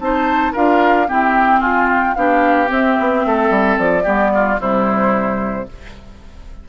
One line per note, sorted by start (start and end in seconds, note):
0.00 0.54 C4
0.00 0.55 D#4
0.00 0.53 C5
0.00 0.54 A5
0.53 1.10 D4
0.53 1.08 F4
0.53 1.07 A#4
0.53 1.09 F5
1.08 2.16 C4
1.08 1.63 E4
1.08 1.60 G4
1.08 1.62 G5
1.60 2.14 F4
1.60 2.17 F4
1.60 1.89 G#5
1.89 2.15 G5
2.15 2.70 B3
2.15 2.67 D4
2.15 3.27 G4
2.15 2.69 F5
2.67 4.02 C4
2.67 2.97 C4
2.67 3.79 E5
3.00 3.26 B3
3.26 3.50 A3
3.26 4.04 A4
3.50 3.77 G3
3.79 4.06 F3
3.79 4.60 D5
4.04 4.60 G3
4.04 4.59 B3
4.04 4.31 G4
4.35 4.60 F4
4.60 5.68 C3
4.60 5.68 G3
4.60 5.68 E4
4.60 5.69 C5